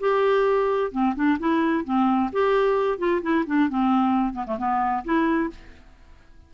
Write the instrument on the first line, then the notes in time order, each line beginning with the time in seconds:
clarinet
0.00 G4
0.92 C4
1.15 D4
1.39 E4
1.84 C4
2.33 G4
2.98 F4
3.22 E4
3.46 D4
3.69 C4
4.33 B3
4.46 A3
4.58 B3
5.04 E4